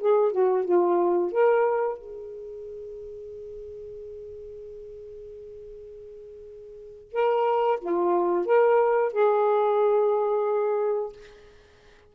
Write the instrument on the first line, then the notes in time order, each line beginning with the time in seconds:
saxophone
0.00 G#4
0.32 F#4
0.65 F4
1.32 A#4
1.98 G#4
7.13 A#4
7.81 F4
8.46 A#4
9.13 G#4